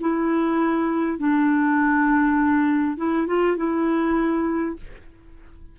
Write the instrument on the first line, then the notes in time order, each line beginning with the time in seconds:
clarinet
0.00 E4
1.18 D4
2.97 E4
3.27 F4
3.56 E4